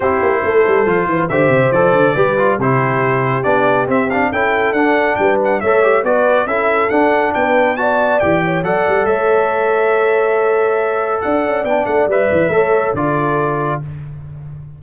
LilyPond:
<<
  \new Staff \with { instrumentName = "trumpet" } { \time 4/4 \tempo 4 = 139 c''2. e''4 | d''2 c''2 | d''4 e''8 f''8 g''4 fis''4 | g''8 fis''8 e''4 d''4 e''4 |
fis''4 g''4 a''4 g''4 | fis''4 e''2.~ | e''2 fis''4 g''8 fis''8 | e''2 d''2 | }
  \new Staff \with { instrumentName = "horn" } { \time 4/4 g'4 a'4. b'8 c''4~ | c''4 b'4 g'2~ | g'2 a'2 | b'4 cis''4 b'4 a'4~ |
a'4 b'4 d''4. cis''8 | d''4 cis''2.~ | cis''2 d''2~ | d''4 cis''4 a'2 | }
  \new Staff \with { instrumentName = "trombone" } { \time 4/4 e'2 f'4 g'4 | a'4 g'8 f'8 e'2 | d'4 c'8 d'8 e'4 d'4~ | d'4 a'8 g'8 fis'4 e'4 |
d'2 fis'4 g'4 | a'1~ | a'2. d'4 | b'4 a'4 f'2 | }
  \new Staff \with { instrumentName = "tuba" } { \time 4/4 c'8 ais8 a8 g8 f8 e8 d8 c8 | f8 d8 g4 c2 | b4 c'4 cis'4 d'4 | g4 a4 b4 cis'4 |
d'4 b2 e4 | fis8 g8 a2.~ | a2 d'8 cis'8 b8 a8 | g8 e8 a4 d2 | }
>>